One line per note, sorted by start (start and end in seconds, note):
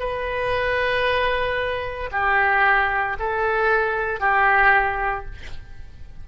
0.00 2.11 B4
2.12 3.17 G4
3.20 4.21 A4
4.21 5.26 G4